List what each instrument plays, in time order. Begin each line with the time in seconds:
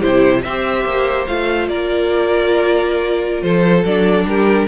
0.00 cello C3, viola E4, violin G4 C5
0.42 cello C4, violin C5 E5
0.49 viola G4
0.85 cello A#3
1.27 cello A3, viola F4, violin F5
1.68 cello A#3, violin A#4 D5
3.42 cello F3, violin A4 C5
3.85 cello F#3, viola D4, violin D5
4.25 cello G3, violin G4 A#4